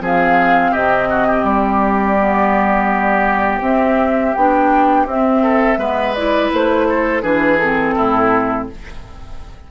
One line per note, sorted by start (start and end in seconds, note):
0.00 0.72 F3
0.00 2.17 C4
0.00 0.71 G#4
0.00 0.73 F5
0.71 1.43 C3
0.71 1.07 G4
0.71 1.43 D#5
1.09 1.27 F#4
1.27 5.42 G4
1.43 3.60 G3
1.43 3.60 D5
2.20 3.62 B3
3.61 4.33 C4
3.61 4.34 C4
3.61 4.34 E5
4.34 5.06 B3
4.34 5.07 D4
4.34 5.06 G5
5.06 5.77 C4
5.06 5.78 C4
5.06 6.14 E5
5.42 5.78 A4
5.77 6.49 G#3
5.77 6.14 B3
5.77 6.87 B4
6.14 7.22 E4
6.14 6.50 D5
6.53 7.23 A3
6.53 7.22 C5
6.89 7.22 A4
7.22 7.95 E3
7.22 7.58 D4
7.22 7.94 G#4
7.22 7.58 B4
7.58 8.71 C4
7.58 8.66 A4
7.95 8.69 A2
7.95 8.68 E4